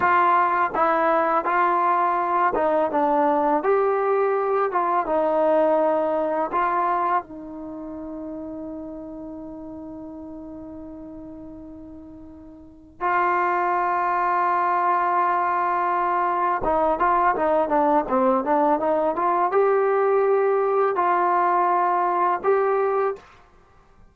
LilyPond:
\new Staff \with { instrumentName = "trombone" } { \time 4/4 \tempo 4 = 83 f'4 e'4 f'4. dis'8 | d'4 g'4. f'8 dis'4~ | dis'4 f'4 dis'2~ | dis'1~ |
dis'2 f'2~ | f'2. dis'8 f'8 | dis'8 d'8 c'8 d'8 dis'8 f'8 g'4~ | g'4 f'2 g'4 | }